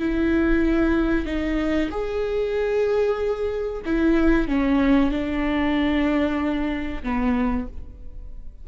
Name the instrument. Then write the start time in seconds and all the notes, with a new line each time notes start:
viola
0.00 E4
1.26 D#4
1.91 G#4
3.86 E4
4.48 C#4
5.12 D4
7.03 B3